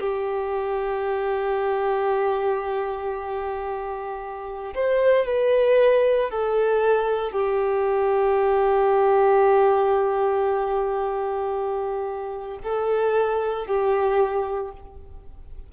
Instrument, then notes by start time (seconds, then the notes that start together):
violin
0.00 G4
4.75 C5
5.27 B4
6.31 A4
7.33 G4
12.64 A4
13.67 G4